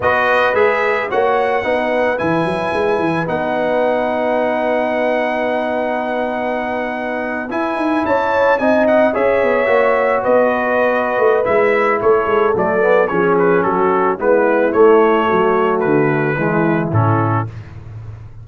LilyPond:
<<
  \new Staff \with { instrumentName = "trumpet" } { \time 4/4 \tempo 4 = 110 dis''4 e''4 fis''2 | gis''2 fis''2~ | fis''1~ | fis''4.~ fis''16 gis''4 a''4 gis''16~ |
gis''16 fis''8 e''2 dis''4~ dis''16~ | dis''4 e''4 cis''4 d''4 | cis''8 b'8 a'4 b'4 cis''4~ | cis''4 b'2 a'4 | }
  \new Staff \with { instrumentName = "horn" } { \time 4/4 b'2 cis''4 b'4~ | b'1~ | b'1~ | b'2~ b'8. cis''4 dis''16~ |
dis''8. cis''2 b'4~ b'16~ | b'2 a'2 | gis'4 fis'4 e'2 | fis'2 e'2 | }
  \new Staff \with { instrumentName = "trombone" } { \time 4/4 fis'4 gis'4 fis'4 dis'4 | e'2 dis'2~ | dis'1~ | dis'4.~ dis'16 e'2 dis'16~ |
dis'8. gis'4 fis'2~ fis'16~ | fis'4 e'2 a8 b8 | cis'2 b4 a4~ | a2 gis4 cis'4 | }
  \new Staff \with { instrumentName = "tuba" } { \time 4/4 b4 gis4 ais4 b4 | e8 fis8 gis8 e8 b2~ | b1~ | b4.~ b16 e'8 dis'8 cis'4 c'16~ |
c'8. cis'8 b8 ais4 b4~ b16~ | b8 a8 gis4 a8 gis8 fis4 | f4 fis4 gis4 a4 | fis4 d4 e4 a,4 | }
>>